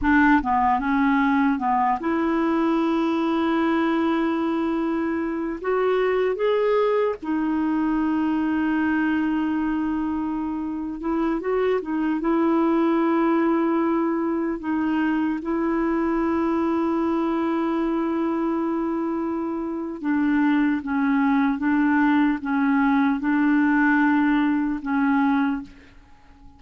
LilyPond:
\new Staff \with { instrumentName = "clarinet" } { \time 4/4 \tempo 4 = 75 d'8 b8 cis'4 b8 e'4.~ | e'2. fis'4 | gis'4 dis'2.~ | dis'4.~ dis'16 e'8 fis'8 dis'8 e'8.~ |
e'2~ e'16 dis'4 e'8.~ | e'1~ | e'4 d'4 cis'4 d'4 | cis'4 d'2 cis'4 | }